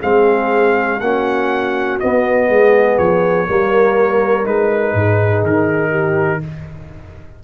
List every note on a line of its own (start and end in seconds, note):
0.00 1.00 G#3
0.00 1.00 C4
0.00 0.98 G#4
0.00 1.00 F5
1.00 1.99 A#3
1.00 2.00 C#4
1.00 2.50 F#4
1.00 1.99 F#5
2.00 3.47 B3
2.00 2.49 B3
2.00 2.98 D#5
2.49 2.98 G#3
2.49 3.47 G#4
2.98 3.48 F3
2.98 4.45 C#5
3.47 4.46 G3
3.47 4.44 A#3
3.47 4.94 A#4
4.44 4.94 G#3
4.44 6.41 D#4
4.44 5.44 B4
4.94 5.43 G#2
4.94 5.90 G#4
5.43 6.41 D#3
5.43 6.44 A#4
5.90 6.39 G4